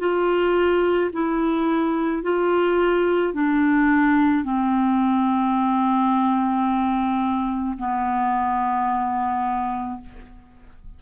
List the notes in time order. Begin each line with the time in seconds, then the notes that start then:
0.00 F4
1.13 E4
2.23 F4
3.34 D4
4.44 C4
7.79 B3